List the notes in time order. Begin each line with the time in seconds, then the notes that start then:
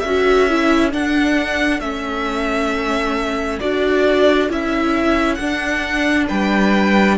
0.00 C#4 F#4 A4 E5
0.49 E4
0.91 D4 F#5
1.80 A3 C#4 E5
3.60 D4 F#4 D5
4.49 C#4 E4 E5
5.35 D4 F#5
5.41 D4
6.28 G3 B4 G5